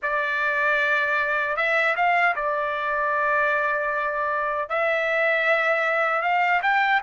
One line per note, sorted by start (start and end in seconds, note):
0.02 1.56 D5
1.56 1.95 E5
1.96 2.35 F5
2.36 4.69 D5
4.69 6.22 E5
6.22 6.61 F5
6.62 7.01 G5